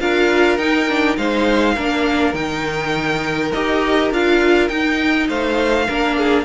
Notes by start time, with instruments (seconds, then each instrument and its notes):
0.00 cello D4, viola F4, violin A#4 F5
0.58 cello D#4, viola D#4, violin G5
0.88 viola D4
1.17 cello G#3, viola D#4, violin C5 F5
1.75 cello A#3, viola D4, violin A#4
2.34 cello D#3, viola D#4, violin G5
3.53 cello D#4, viola G4, violin D#5
4.11 cello D4, viola F4, violin F5
4.69 viola D#4, cello D#4, violin G5
5.28 cello A3, violin C5 F5
5.87 cello A#3, viola D4, violin A#4
6.18 violin G#4